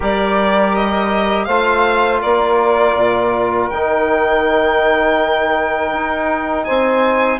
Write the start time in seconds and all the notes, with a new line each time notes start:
0.00 G3 G4 A#4 D5
0.75 D#5
1.45 A3 F4 C5 F5
2.21 A#3 A#4 D5
2.95 A#2
3.69 D#3 D#4 G5
5.92 D#4
6.64 C4 C5 G#5